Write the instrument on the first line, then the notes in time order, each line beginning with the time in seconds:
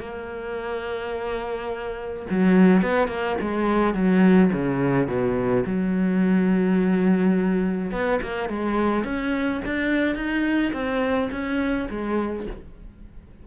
cello
0.00 A#3
2.30 F#3
2.83 B3
3.08 A#3
3.41 G#3
3.95 F#3
4.53 C#3
5.08 B2
5.67 F#3
7.92 B3
8.22 A#3
8.49 G#3
9.05 C#4
9.66 D4
10.16 D#4
10.73 C4
11.32 C#4
11.90 G#3